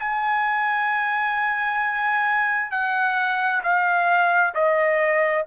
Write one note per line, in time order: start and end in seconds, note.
0.00 2.71 G#5
2.71 3.62 F#5
3.64 4.55 F5
4.55 5.46 D#5